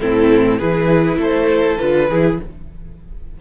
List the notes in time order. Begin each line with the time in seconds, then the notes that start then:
0.00 A2 C4 E4 A4
0.58 E3 E4 G#4 B4
1.16 A3 A4 C5
1.77 D3 F4 B4
2.09 E3 E4 G#4